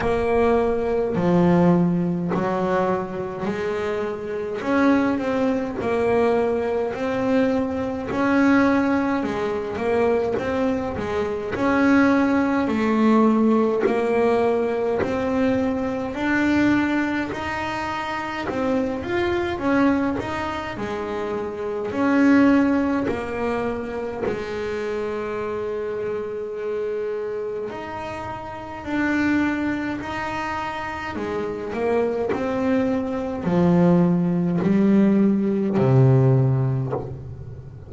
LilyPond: \new Staff \with { instrumentName = "double bass" } { \time 4/4 \tempo 4 = 52 ais4 f4 fis4 gis4 | cis'8 c'8 ais4 c'4 cis'4 | gis8 ais8 c'8 gis8 cis'4 a4 | ais4 c'4 d'4 dis'4 |
c'8 f'8 cis'8 dis'8 gis4 cis'4 | ais4 gis2. | dis'4 d'4 dis'4 gis8 ais8 | c'4 f4 g4 c4 | }